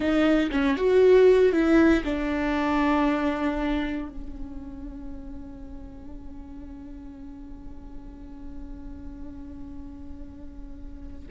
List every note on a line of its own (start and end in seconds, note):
0.00 0.50 D#4
0.51 0.76 C#4
0.76 1.52 F#4
1.52 2.03 E4
2.04 4.09 D4
4.09 11.27 C#4